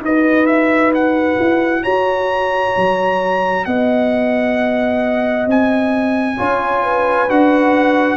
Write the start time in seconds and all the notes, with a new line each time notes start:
0.00 D#4 F#4 B4 D#5
0.46 E5
0.94 F#5
1.38 E4
1.82 F#4 C#5 A#5
2.76 F#3
3.65 B3 D#5 F#5
5.46 C4 G#5
6.37 C#4 F4 C#5
6.83 B4
7.28 D4 F#4 F#5